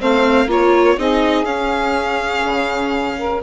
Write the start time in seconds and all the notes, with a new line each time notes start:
0.00 A3 C4 C5 F5
0.47 A#3 F4 A#4 C#5
0.98 C4 D#4 G#4 D#5
1.44 C#4 F5
2.45 C#3
3.18 A#4